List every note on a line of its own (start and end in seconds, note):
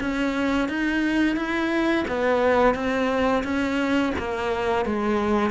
0.00 0.68 C#4
0.68 1.36 D#4
1.36 2.05 E4
2.08 2.74 B3
2.74 3.43 C4
3.44 4.13 C#4
4.18 4.85 A#3
4.85 5.50 G#3